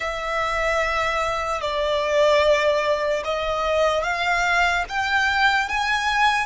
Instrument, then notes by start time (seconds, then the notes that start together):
violin
0.00 E5
1.61 D5
3.24 D#5
4.03 F5
4.88 G5
5.68 G#5